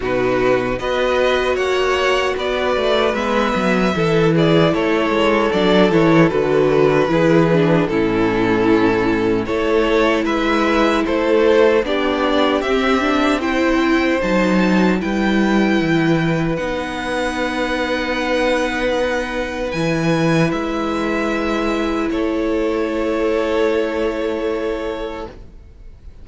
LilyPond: <<
  \new Staff \with { instrumentName = "violin" } { \time 4/4 \tempo 4 = 76 b'4 dis''4 fis''4 d''4 | e''4. d''8 cis''4 d''8 cis''8 | b'2 a'2 | cis''4 e''4 c''4 d''4 |
e''4 g''4 a''4 g''4~ | g''4 fis''2.~ | fis''4 gis''4 e''2 | cis''1 | }
  \new Staff \with { instrumentName = "violin" } { \time 4/4 fis'4 b'4 cis''4 b'4~ | b'4 a'8 gis'8 a'2~ | a'4 gis'4 e'2 | a'4 b'4 a'4 g'4~ |
g'4 c''2 b'4~ | b'1~ | b'1 | a'1 | }
  \new Staff \with { instrumentName = "viola" } { \time 4/4 dis'4 fis'2. | b4 e'2 d'8 e'8 | fis'4 e'8 d'8 cis'2 | e'2. d'4 |
c'8 d'8 e'4 dis'4 e'4~ | e'4 dis'2.~ | dis'4 e'2.~ | e'1 | }
  \new Staff \with { instrumentName = "cello" } { \time 4/4 b,4 b4 ais4 b8 a8 | gis8 fis8 e4 a8 gis8 fis8 e8 | d4 e4 a,2 | a4 gis4 a4 b4 |
c'2 fis4 g4 | e4 b2.~ | b4 e4 gis2 | a1 | }
>>